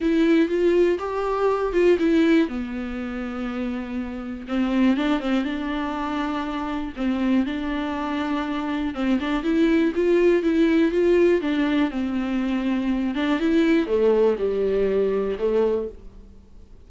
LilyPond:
\new Staff \with { instrumentName = "viola" } { \time 4/4 \tempo 4 = 121 e'4 f'4 g'4. f'8 | e'4 b2.~ | b4 c'4 d'8 c'8 d'4~ | d'2 c'4 d'4~ |
d'2 c'8 d'8 e'4 | f'4 e'4 f'4 d'4 | c'2~ c'8 d'8 e'4 | a4 g2 a4 | }